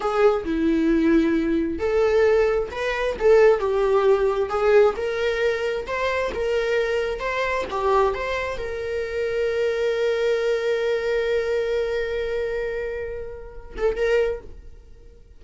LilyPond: \new Staff \with { instrumentName = "viola" } { \time 4/4 \tempo 4 = 133 gis'4 e'2. | a'2 b'4 a'4 | g'2 gis'4 ais'4~ | ais'4 c''4 ais'2 |
c''4 g'4 c''4 ais'4~ | ais'1~ | ais'1~ | ais'2~ ais'8 a'8 ais'4 | }